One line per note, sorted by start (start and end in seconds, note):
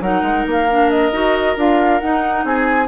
0.00 0.22 F#3
0.00 0.68 D#4
0.00 2.45 A#4
0.00 0.45 F#5
0.22 0.44 G#3
0.46 1.11 A#3
0.46 0.90 F5
0.70 1.12 D4
0.90 1.56 D#5
1.11 1.55 D#4
1.11 1.56 F#4
1.56 2.00 D4
1.56 2.00 F4
1.56 2.00 F5
2.00 2.87 D#4
2.00 2.44 D#4
2.00 2.44 F#5
2.44 2.87 C4
2.44 2.87 G#4
2.44 2.87 G#5